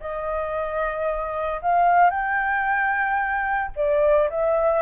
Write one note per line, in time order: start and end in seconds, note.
0.00 1.61 D#5
1.62 2.10 F5
2.10 3.71 G5
3.75 4.29 D5
4.30 4.82 E5